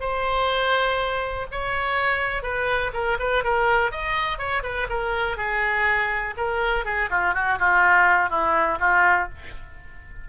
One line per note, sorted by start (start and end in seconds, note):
0.00 1.46 C5
1.51 2.43 C#5
2.43 2.91 B4
2.93 3.18 A#4
3.19 3.43 B4
3.43 3.91 A#4
3.91 4.38 D#5
4.38 4.62 C#5
4.63 4.87 B4
4.89 5.37 A#4
5.37 6.34 G#4
6.37 6.85 A#4
6.85 7.09 G#4
7.10 7.34 F4
7.34 7.58 F#4
7.59 8.30 F4
8.30 8.78 E4
8.80 9.28 F4